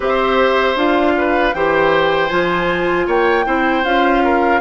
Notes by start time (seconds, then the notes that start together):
0.00 C4 G4 C5 E5
0.75 D4 F4 F5
1.17 B4
1.53 E3 G4 C5 G5
2.29 F3 F4 G#5
3.06 A#3 C#5 G5
3.44 C4 E4 C5
3.84 C#4 F4 F5
4.24 A#4